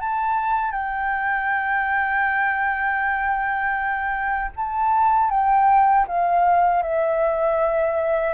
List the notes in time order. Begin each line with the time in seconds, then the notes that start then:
0.00 A5
0.71 G5
4.56 A5
5.30 G5
6.07 F5
6.83 E5